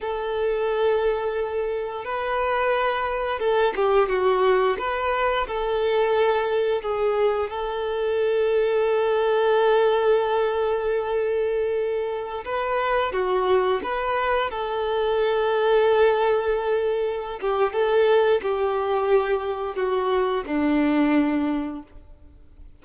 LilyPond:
\new Staff \with { instrumentName = "violin" } { \time 4/4 \tempo 4 = 88 a'2. b'4~ | b'4 a'8 g'8 fis'4 b'4 | a'2 gis'4 a'4~ | a'1~ |
a'2~ a'16 b'4 fis'8.~ | fis'16 b'4 a'2~ a'8.~ | a'4. g'8 a'4 g'4~ | g'4 fis'4 d'2 | }